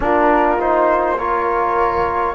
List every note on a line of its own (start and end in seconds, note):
0.00 2.35 A#3
0.00 0.58 D4
0.00 1.17 F4
0.00 0.60 A#4
0.58 1.17 D#4
0.58 1.18 C5
1.17 2.35 F4
1.17 2.35 A#4
1.17 2.35 C#5